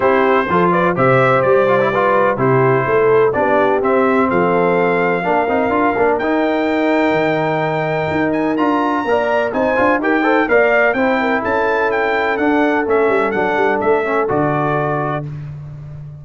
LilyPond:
<<
  \new Staff \with { instrumentName = "trumpet" } { \time 4/4 \tempo 4 = 126 c''4. d''8 e''4 d''4~ | d''4 c''2 d''4 | e''4 f''2.~ | f''4 g''2.~ |
g''4. gis''8 ais''2 | gis''4 g''4 f''4 g''4 | a''4 g''4 fis''4 e''4 | fis''4 e''4 d''2 | }
  \new Staff \with { instrumentName = "horn" } { \time 4/4 g'4 a'8 b'8 c''2 | b'4 g'4 a'4 g'4~ | g'4 a'2 ais'4~ | ais'1~ |
ais'2. d''4 | c''4 ais'8 c''8 d''4 c''8 ais'8 | a'1~ | a'1 | }
  \new Staff \with { instrumentName = "trombone" } { \time 4/4 e'4 f'4 g'4. f'16 e'16 | f'4 e'2 d'4 | c'2. d'8 dis'8 | f'8 d'8 dis'2.~ |
dis'2 f'4 ais'4 | dis'8 f'8 g'8 a'8 ais'4 e'4~ | e'2 d'4 cis'4 | d'4. cis'8 fis'2 | }
  \new Staff \with { instrumentName = "tuba" } { \time 4/4 c'4 f4 c4 g4~ | g4 c4 a4 b4 | c'4 f2 ais8 c'8 | d'8 ais8 dis'2 dis4~ |
dis4 dis'4 d'4 ais4 | c'8 d'8 dis'4 ais4 c'4 | cis'2 d'4 a8 g8 | fis8 g8 a4 d2 | }
>>